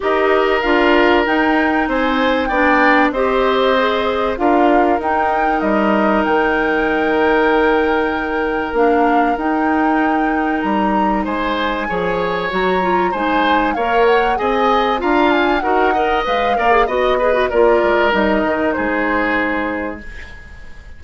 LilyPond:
<<
  \new Staff \with { instrumentName = "flute" } { \time 4/4 \tempo 4 = 96 dis''4 f''4 g''4 gis''4 | g''4 dis''2 f''4 | g''4 dis''4 g''2~ | g''2 f''4 g''4~ |
g''4 ais''4 gis''2 | ais''4 gis''4 f''8 fis''8 gis''4 | ais''8 gis''8 fis''4 f''4 dis''4 | d''4 dis''4 c''2 | }
  \new Staff \with { instrumentName = "oboe" } { \time 4/4 ais'2. c''4 | d''4 c''2 ais'4~ | ais'1~ | ais'1~ |
ais'2 c''4 cis''4~ | cis''4 c''4 cis''4 dis''4 | f''4 ais'8 dis''4 d''8 dis''8 b'8 | ais'2 gis'2 | }
  \new Staff \with { instrumentName = "clarinet" } { \time 4/4 g'4 f'4 dis'2 | d'4 g'4 gis'4 f'4 | dis'1~ | dis'2 d'4 dis'4~ |
dis'2. gis'4 | fis'8 f'8 dis'4 ais'4 gis'4 | f'4 fis'8 ais'8 b'8 ais'16 gis'16 fis'8 gis'16 fis'16 | f'4 dis'2. | }
  \new Staff \with { instrumentName = "bassoon" } { \time 4/4 dis'4 d'4 dis'4 c'4 | b4 c'2 d'4 | dis'4 g4 dis2~ | dis2 ais4 dis'4~ |
dis'4 g4 gis4 f4 | fis4 gis4 ais4 c'4 | d'4 dis'4 gis8 ais8 b4 | ais8 gis8 g8 dis8 gis2 | }
>>